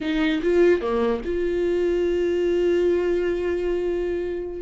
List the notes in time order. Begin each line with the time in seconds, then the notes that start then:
0.01 D#4
0.42 F4
0.81 A#3
1.24 F4